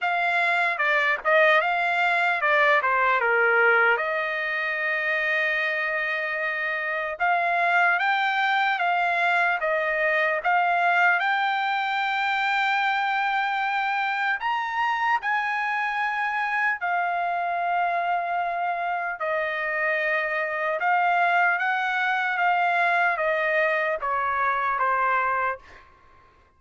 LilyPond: \new Staff \with { instrumentName = "trumpet" } { \time 4/4 \tempo 4 = 75 f''4 d''8 dis''8 f''4 d''8 c''8 | ais'4 dis''2.~ | dis''4 f''4 g''4 f''4 | dis''4 f''4 g''2~ |
g''2 ais''4 gis''4~ | gis''4 f''2. | dis''2 f''4 fis''4 | f''4 dis''4 cis''4 c''4 | }